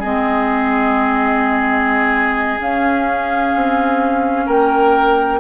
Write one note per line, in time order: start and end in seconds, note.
0.00 2.60 G#3
0.00 2.59 C4
0.00 4.45 G#4
0.00 2.60 D#5
2.59 5.40 C#4
2.59 3.54 C#4
2.59 4.48 F5
3.55 4.48 C4
4.46 5.40 A#3
4.46 5.40 A#4
4.46 5.40 G5